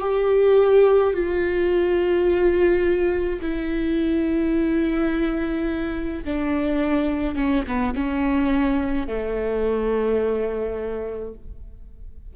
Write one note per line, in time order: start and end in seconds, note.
0.00 1.13 G4
1.13 3.39 F4
3.41 6.24 E4
6.24 7.35 D4
7.35 7.63 C#4
7.67 7.94 B3
7.94 9.07 C#4
9.07 11.34 A3